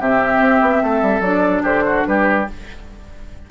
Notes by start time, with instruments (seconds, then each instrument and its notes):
0.00 bassoon C3, clarinet C4, oboe G4, flute E5
0.40 bassoon C4
0.62 bassoon B3
0.83 bassoon A3, oboe A4
1.02 bassoon G3
1.20 bassoon F#3, clarinet D4, flute D5
1.63 bassoon D3, oboe G4, flute C5
1.86 oboe F#4
2.06 bassoon G3, oboe G4, flute B4